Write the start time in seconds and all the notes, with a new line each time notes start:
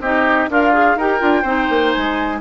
0.00 C4 D#4 G4 D#5
0.49 D4 F4 A#4 F5
0.73 G#4
0.96 D#4 G4 A#4 G5
1.20 D4 F4
1.42 C4 D#4 C5
1.70 A#3
1.92 G#3 G#5